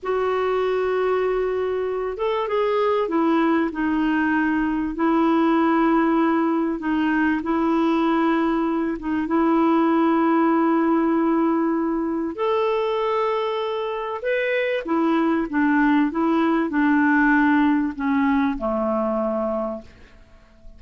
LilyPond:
\new Staff \with { instrumentName = "clarinet" } { \time 4/4 \tempo 4 = 97 fis'2.~ fis'8 a'8 | gis'4 e'4 dis'2 | e'2. dis'4 | e'2~ e'8 dis'8 e'4~ |
e'1 | a'2. b'4 | e'4 d'4 e'4 d'4~ | d'4 cis'4 a2 | }